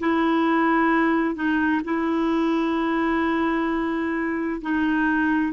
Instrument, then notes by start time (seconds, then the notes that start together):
clarinet
0.00 E4
1.36 D#4
1.85 E4
4.62 D#4